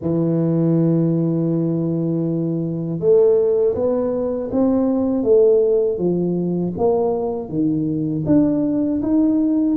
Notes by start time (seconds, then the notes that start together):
0.01 E3
2.99 A3
3.75 B3
4.51 C4
5.23 A3
5.98 F3
6.77 A#3
7.48 D#3
8.26 D4
9.01 D#4